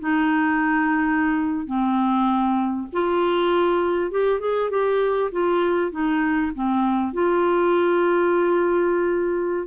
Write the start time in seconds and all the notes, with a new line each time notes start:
0.00 D#4
1.66 C4
2.93 F4
4.11 G4
4.40 G#4
4.70 G4
5.32 F4
5.91 D#4
6.55 C4
7.13 F4